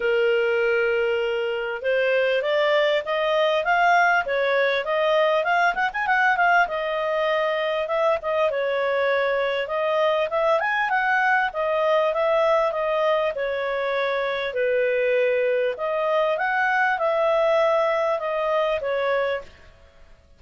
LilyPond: \new Staff \with { instrumentName = "clarinet" } { \time 4/4 \tempo 4 = 99 ais'2. c''4 | d''4 dis''4 f''4 cis''4 | dis''4 f''8 fis''16 gis''16 fis''8 f''8 dis''4~ | dis''4 e''8 dis''8 cis''2 |
dis''4 e''8 gis''8 fis''4 dis''4 | e''4 dis''4 cis''2 | b'2 dis''4 fis''4 | e''2 dis''4 cis''4 | }